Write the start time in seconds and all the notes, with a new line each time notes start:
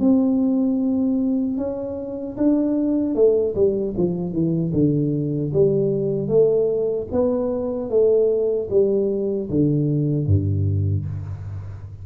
0.00 C4
1.58 C#4
2.38 D4
3.15 A3
3.55 G3
3.98 F3
4.33 E3
4.73 D3
5.53 G3
6.28 A3
7.12 B3
7.90 A3
8.71 G3
9.50 D3
10.27 G2